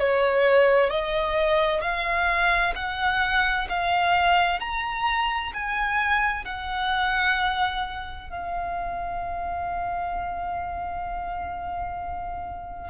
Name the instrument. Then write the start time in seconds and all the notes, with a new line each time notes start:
violin
0.00 C#5
0.90 D#5
1.82 F5
2.76 F#5
3.69 F5
4.60 A#5
5.54 G#5
6.45 F#5
8.30 F5